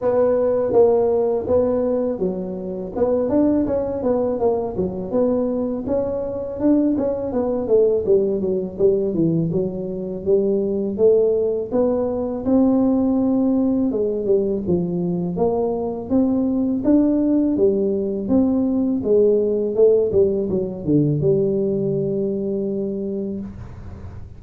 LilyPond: \new Staff \with { instrumentName = "tuba" } { \time 4/4 \tempo 4 = 82 b4 ais4 b4 fis4 | b8 d'8 cis'8 b8 ais8 fis8 b4 | cis'4 d'8 cis'8 b8 a8 g8 fis8 | g8 e8 fis4 g4 a4 |
b4 c'2 gis8 g8 | f4 ais4 c'4 d'4 | g4 c'4 gis4 a8 g8 | fis8 d8 g2. | }